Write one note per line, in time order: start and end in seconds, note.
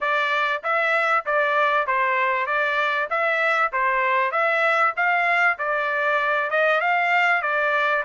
0.00 0.62 D5
0.63 1.25 E5
1.25 1.87 D5
1.87 2.46 C5
2.46 3.08 D5
3.10 3.72 E5
3.72 4.31 C5
4.31 4.93 E5
4.96 5.58 F5
5.58 6.50 D5
6.50 6.80 D#5
6.80 7.41 F5
7.41 8.03 D5